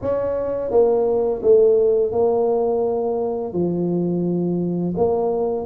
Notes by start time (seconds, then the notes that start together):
0.01 C#4
0.71 A#3
1.42 A3
2.11 A#3
3.53 F3
4.96 A#3